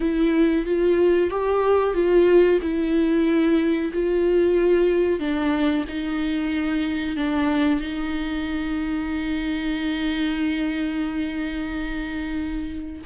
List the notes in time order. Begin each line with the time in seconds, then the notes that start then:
0.00 E4
0.65 F4
1.30 G4
1.94 F4
2.61 E4
3.93 F4
5.19 D4
5.88 D#4
7.16 D4
7.80 D#4